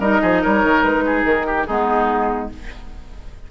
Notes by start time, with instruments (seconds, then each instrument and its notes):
0.00 bassoon G3, clarinet D#4, oboe A#4, flute D#5
0.22 bassoon F3, oboe G#4
0.42 bassoon G3, oboe A#4, flute C#5
0.64 bassoon D#3
0.83 bassoon G#3, flute B4
1.06 oboe G#4
1.24 bassoon D#3, flute A#4
1.47 oboe G4
1.67 bassoon G#3, clarinet B3, oboe D#4, flute G#4